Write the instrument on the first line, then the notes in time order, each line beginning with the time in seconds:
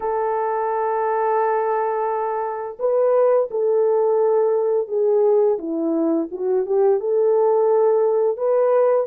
horn
0.00 A4
2.79 B4
3.50 A4
4.88 G#4
5.58 E4
6.31 F#4
6.65 G4
7.00 A4
8.37 B4